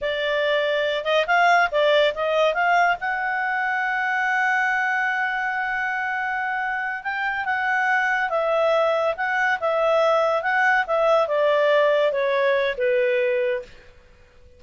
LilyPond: \new Staff \with { instrumentName = "clarinet" } { \time 4/4 \tempo 4 = 141 d''2~ d''8 dis''8 f''4 | d''4 dis''4 f''4 fis''4~ | fis''1~ | fis''1~ |
fis''8 g''4 fis''2 e''8~ | e''4. fis''4 e''4.~ | e''8 fis''4 e''4 d''4.~ | d''8 cis''4. b'2 | }